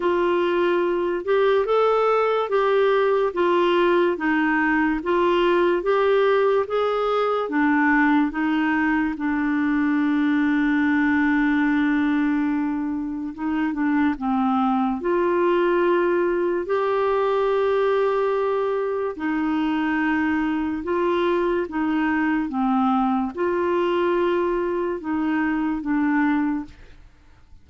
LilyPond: \new Staff \with { instrumentName = "clarinet" } { \time 4/4 \tempo 4 = 72 f'4. g'8 a'4 g'4 | f'4 dis'4 f'4 g'4 | gis'4 d'4 dis'4 d'4~ | d'1 |
dis'8 d'8 c'4 f'2 | g'2. dis'4~ | dis'4 f'4 dis'4 c'4 | f'2 dis'4 d'4 | }